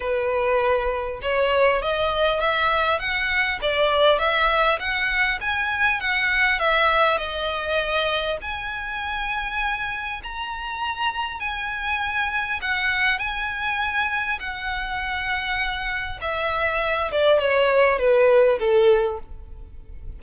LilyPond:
\new Staff \with { instrumentName = "violin" } { \time 4/4 \tempo 4 = 100 b'2 cis''4 dis''4 | e''4 fis''4 d''4 e''4 | fis''4 gis''4 fis''4 e''4 | dis''2 gis''2~ |
gis''4 ais''2 gis''4~ | gis''4 fis''4 gis''2 | fis''2. e''4~ | e''8 d''8 cis''4 b'4 a'4 | }